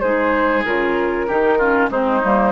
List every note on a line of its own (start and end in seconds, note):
0.00 0.64 G#3
0.00 0.66 D#4
0.00 1.26 G#4
0.00 0.62 C5
0.64 1.29 C#3
0.64 1.28 F4
0.64 1.89 A#4
1.27 1.90 D#3
1.27 1.59 D#4
1.27 1.58 G4
1.58 1.91 C#4
1.58 1.89 F4
1.90 2.21 G#3
1.90 2.22 C4
1.90 2.52 D#4
1.90 2.52 C5
2.23 2.52 G3
2.23 2.52 A#3